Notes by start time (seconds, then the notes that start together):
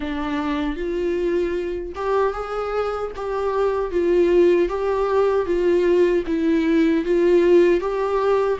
0.00 D4
0.76 F4
1.95 G4
2.33 G#4
3.16 G4
3.91 F4
4.68 G4
5.45 F4
6.27 E4
7.04 F4
7.80 G4